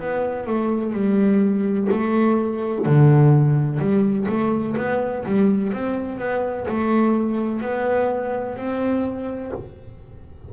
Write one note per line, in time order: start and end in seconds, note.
0.00 0.47 B3
0.47 0.93 A3
0.93 1.88 G3
1.92 2.86 A3
2.86 3.79 D3
3.79 4.27 G3
4.29 4.76 A3
4.77 5.25 B3
5.26 5.73 G3
5.73 6.19 C4
6.19 6.67 B3
6.68 7.61 A3
7.61 8.57 B3
8.57 9.52 C4